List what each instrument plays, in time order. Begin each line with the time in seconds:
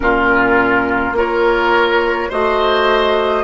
0.00 bassoon A#2, clarinet C#4, oboe F4, flute A#4
1.12 bassoon A#3, clarinet F4, oboe A#4, flute C#5
2.29 bassoon A3, clarinet F#4, oboe C5, flute D#5